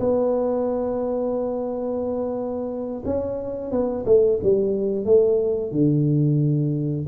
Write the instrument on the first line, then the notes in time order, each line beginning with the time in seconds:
tuba
0.00 B3
3.06 C#4
3.71 B3
4.06 A3
4.43 G3
5.05 A3
5.72 D3